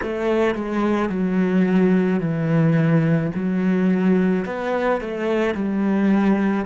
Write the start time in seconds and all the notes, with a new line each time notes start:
0.02 A3
0.55 G#3
1.09 F#3
2.20 E3
3.35 F#3
4.44 B3
5.01 A3
5.54 G3